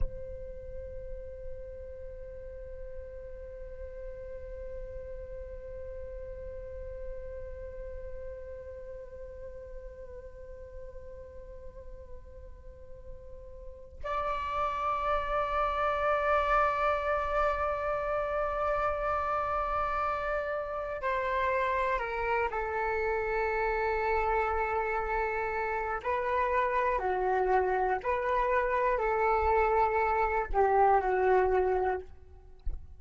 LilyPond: \new Staff \with { instrumentName = "flute" } { \time 4/4 \tempo 4 = 60 c''1~ | c''1~ | c''1~ | c''2 d''2~ |
d''1~ | d''4 c''4 ais'8 a'4.~ | a'2 b'4 fis'4 | b'4 a'4. g'8 fis'4 | }